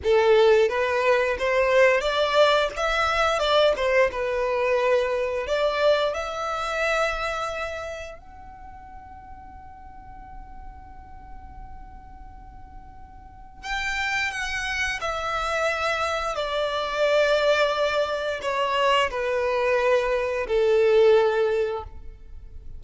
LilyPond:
\new Staff \with { instrumentName = "violin" } { \time 4/4 \tempo 4 = 88 a'4 b'4 c''4 d''4 | e''4 d''8 c''8 b'2 | d''4 e''2. | fis''1~ |
fis''1 | g''4 fis''4 e''2 | d''2. cis''4 | b'2 a'2 | }